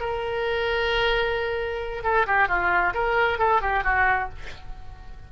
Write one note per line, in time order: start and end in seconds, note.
0.00 2.04 A#4
2.04 2.26 A4
2.27 2.48 G4
2.48 2.94 F4
2.94 3.39 A#4
3.39 3.62 A4
3.62 3.84 G4
3.84 4.29 F#4